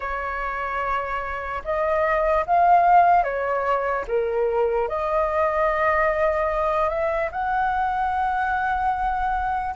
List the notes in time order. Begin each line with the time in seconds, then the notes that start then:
0.00 C#5
1.64 D#5
2.46 F5
3.23 C#5
4.07 A#4
4.88 D#5
6.89 E5
7.31 F#5